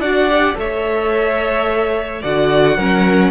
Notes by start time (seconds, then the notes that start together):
0.00 D4 F#4 D5 F#5
0.29 G4
0.55 A3 A4 C#5 E5
2.22 D3 F#4 D5 F#5
2.77 F#3 C#4 A#4